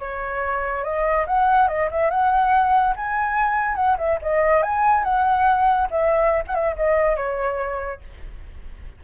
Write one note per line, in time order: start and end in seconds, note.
0.00 0.84 C#5
0.84 1.26 D#5
1.27 1.68 F#5
1.68 1.89 D#5
1.91 2.10 E5
2.10 2.95 F#5
2.97 3.76 G#5
3.76 3.97 F#5
3.98 4.19 E5
4.22 4.63 D#5
4.63 5.04 G#5
5.04 5.89 F#5
5.91 6.44 E5
6.47 6.55 F#5
6.55 6.76 E5
6.76 7.17 D#5
7.17 8.01 C#5